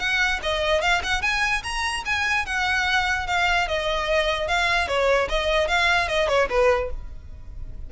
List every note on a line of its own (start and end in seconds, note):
0.00 0.41 F#5
0.43 0.82 D#5
0.82 1.02 F5
1.04 1.22 F#5
1.22 1.63 G#5
1.64 2.04 A#5
2.06 2.46 G#5
2.46 3.27 F#5
3.28 3.68 F5
3.68 4.48 D#5
4.48 4.88 F5
4.88 5.29 C#5
5.29 5.68 D#5
5.68 6.08 F5
6.08 6.29 D#5
6.29 6.49 C#5
6.50 6.90 B4